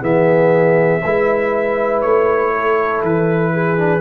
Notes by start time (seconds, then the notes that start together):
0.00 E3 B3 G#4 E5
1.04 G#3 E4 B4
2.01 A3 C#5
2.54 A4
3.02 E3 B4
3.53 G#4
3.77 D4